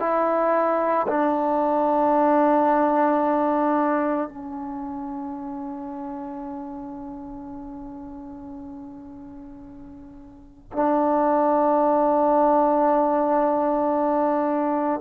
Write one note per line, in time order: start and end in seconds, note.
0.00 1.07 E4
1.08 4.29 D4
4.29 10.72 C#4
10.73 15.01 D4